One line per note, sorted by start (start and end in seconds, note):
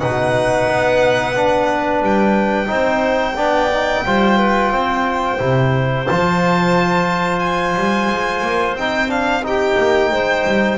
0.00 0.67 B2
0.00 1.35 D#4
0.00 2.69 B4
0.00 2.03 F#5
0.67 2.02 B3
1.36 2.66 D4
2.02 2.70 G3
2.02 6.07 G5
2.66 3.37 C4
2.66 3.34 D#4
2.66 3.37 C5
3.37 4.05 B3
3.37 3.70 D4
3.37 4.04 D5
3.73 4.06 D#4
4.05 4.72 G3
4.05 5.39 F4
4.05 4.39 C5
4.39 4.72 B4
4.72 5.39 C4
4.72 9.45 C5
5.39 6.08 C3
5.39 6.06 E4
6.07 7.77 F3
6.07 8.79 F4
6.07 7.40 A5
7.40 8.74 G#5
7.77 8.09 G3
8.09 8.42 G#3
8.42 8.75 A#3
8.75 9.76 C4
8.75 9.08 D#4
8.75 9.11 G5
9.08 9.42 D4
9.08 9.45 F5
9.44 10.79 D#4
9.44 10.11 G4
9.44 10.79 G5
9.78 10.12 A#3
10.11 10.46 G#3
10.11 10.79 C5
10.47 10.79 G3